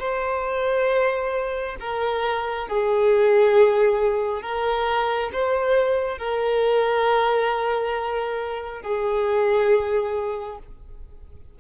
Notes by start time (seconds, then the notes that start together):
0.00 C5
1.80 A#4
2.69 G#4
4.43 A#4
5.33 C5
6.18 A#4
8.82 G#4